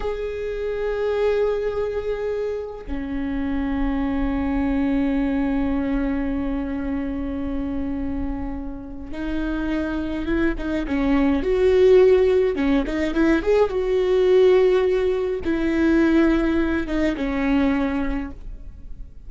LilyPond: \new Staff \with { instrumentName = "viola" } { \time 4/4 \tempo 4 = 105 gis'1~ | gis'4 cis'2.~ | cis'1~ | cis'1 |
dis'2 e'8 dis'8 cis'4 | fis'2 cis'8 dis'8 e'8 gis'8 | fis'2. e'4~ | e'4. dis'8 cis'2 | }